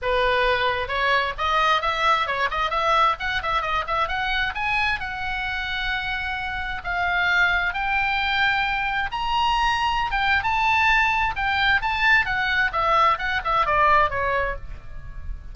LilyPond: \new Staff \with { instrumentName = "oboe" } { \time 4/4 \tempo 4 = 132 b'2 cis''4 dis''4 | e''4 cis''8 dis''8 e''4 fis''8 e''8 | dis''8 e''8 fis''4 gis''4 fis''4~ | fis''2. f''4~ |
f''4 g''2. | ais''2~ ais''16 g''8. a''4~ | a''4 g''4 a''4 fis''4 | e''4 fis''8 e''8 d''4 cis''4 | }